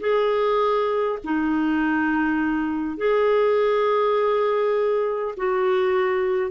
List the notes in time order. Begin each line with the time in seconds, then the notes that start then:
0.00 G#4
1.24 D#4
2.97 G#4
5.37 F#4